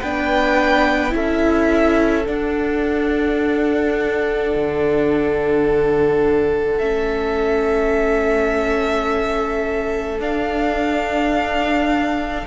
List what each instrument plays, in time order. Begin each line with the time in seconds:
0.00 cello B3, viola D4, violin B4 G5
1.10 cello C#4, viola E4, violin A4 E5
2.25 viola D4, cello D4, violin F#5
4.55 cello D3
6.78 cello A3, viola C#4, violin E5
10.18 cello D4, viola D4, violin F5